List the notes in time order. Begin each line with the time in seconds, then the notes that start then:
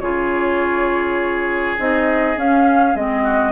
0.00 C#3 F4 G#4 C#5
1.78 C4 D#4 D#5
2.37 C#4 F5
2.95 G#3 C4 D#5
3.24 F#4